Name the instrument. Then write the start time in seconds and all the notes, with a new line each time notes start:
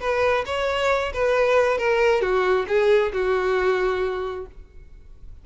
violin
0.00 B4
0.46 C#5
1.13 B4
1.78 A#4
2.21 F#4
2.68 G#4
3.13 F#4